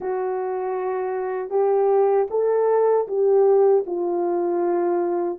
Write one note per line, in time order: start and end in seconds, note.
0.00 1.50 F#4
1.50 2.27 G4
2.30 3.07 A4
3.07 3.84 G4
3.86 5.39 F4